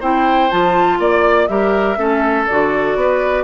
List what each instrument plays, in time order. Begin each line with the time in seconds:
0.00 bassoon C4, clarinet E4, oboe C5, flute G5
0.51 bassoon F3, clarinet F4, flute A5
0.99 bassoon A#3, oboe D5, flute D5
1.48 bassoon G3, clarinet G4, oboe A#4, flute E5
1.97 bassoon A3, clarinet C#4, oboe A4
2.47 bassoon D3, clarinet F#4, flute D5
2.95 bassoon B3, oboe B4